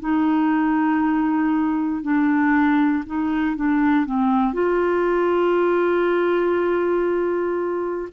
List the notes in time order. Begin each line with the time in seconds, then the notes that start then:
0.00 D#4
2.02 D4
3.06 D#4
3.56 D4
4.06 C4
4.53 F4